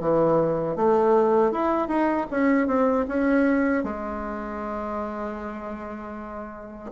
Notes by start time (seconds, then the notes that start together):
0.00 E3
0.76 A3
1.52 E4
1.88 D#4
2.31 C#4
2.67 C4
3.08 C#4
3.84 G#3